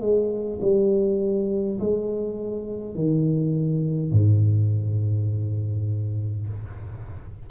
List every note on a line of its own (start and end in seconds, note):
0.00 0.59 G#3
0.61 1.79 G3
1.79 2.95 G#3
2.95 4.12 D#3
4.12 6.47 G#2